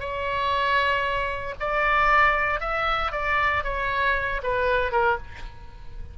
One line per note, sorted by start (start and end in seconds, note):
0.00 1.55 C#5
1.60 2.61 D5
2.61 3.12 E5
3.12 3.64 D5
3.64 4.42 C#5
4.43 4.92 B4
4.92 5.18 A#4